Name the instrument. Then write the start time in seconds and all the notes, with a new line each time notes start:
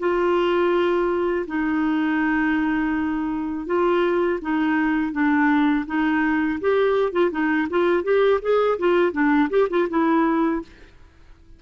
clarinet
0.00 F4
1.47 D#4
3.67 F4
4.42 D#4
5.13 D4
5.87 D#4
6.61 G4
7.13 F4
7.32 D#4
7.70 F4
8.04 G4
8.42 G#4
8.79 F4
9.13 D4
9.50 G4
9.70 F4
9.90 E4